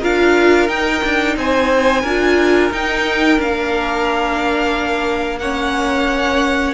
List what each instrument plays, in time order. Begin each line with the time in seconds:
0.00 cello D4, viola F4, violin A#4 F5
0.69 cello D#4, viola D#4, violin G5
1.04 cello D4
1.36 cello C4, violin C5 G#5
2.01 cello D4, viola F4, violin A#4
2.71 cello D#4, viola D#4, violin G5
3.37 cello A#3, viola D4, violin F5
5.39 viola C#4, violin C#5 F#5